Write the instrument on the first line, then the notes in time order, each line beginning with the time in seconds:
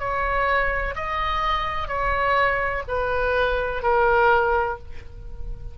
oboe
0.00 C#5
0.96 D#5
1.88 C#5
2.88 B4
3.83 A#4